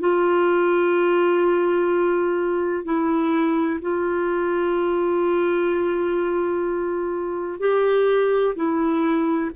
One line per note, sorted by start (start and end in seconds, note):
0.00 2.85 F4
2.85 3.80 E4
3.82 7.60 F4
7.60 8.55 G4
8.56 9.51 E4